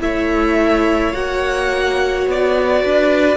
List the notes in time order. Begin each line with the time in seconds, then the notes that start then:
0.00 A3 E4 C#5 E5
1.13 A#3 F#4 F#5
2.27 B3 D5
2.82 D4 B4